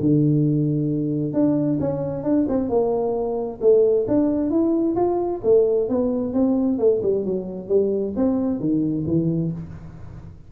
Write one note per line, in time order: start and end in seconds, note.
0.00 1.33 D3
1.33 1.79 D4
1.80 2.23 C#4
2.23 2.46 D4
2.48 2.69 C4
2.69 3.60 A#3
3.61 4.06 A3
4.07 4.50 D4
4.50 4.95 E4
4.95 5.41 F4
5.44 5.89 A3
5.89 6.33 B3
6.33 6.79 C4
6.79 7.01 A3
7.02 7.25 G3
7.25 7.68 F#3
7.68 8.13 G3
8.16 8.59 C4
8.59 9.05 D#3
9.06 9.52 E3